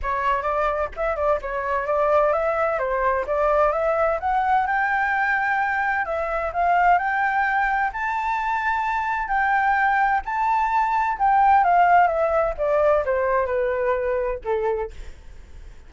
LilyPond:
\new Staff \with { instrumentName = "flute" } { \time 4/4 \tempo 4 = 129 cis''4 d''4 e''8 d''8 cis''4 | d''4 e''4 c''4 d''4 | e''4 fis''4 g''2~ | g''4 e''4 f''4 g''4~ |
g''4 a''2. | g''2 a''2 | g''4 f''4 e''4 d''4 | c''4 b'2 a'4 | }